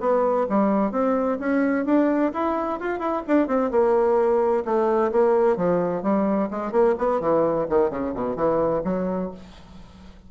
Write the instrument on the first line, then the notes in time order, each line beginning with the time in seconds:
bassoon
0.00 B3
0.49 G3
0.92 C4
1.39 C#4
1.85 D4
2.34 E4
2.80 F4
2.99 E4
3.27 D4
3.47 C4
3.71 A#3
4.65 A3
5.12 A#3
5.57 F3
6.03 G3
6.51 G#3
6.72 A#3
6.98 B3
7.21 E3
7.69 D#3
7.90 C#3
8.15 B2
8.36 E3
8.84 F#3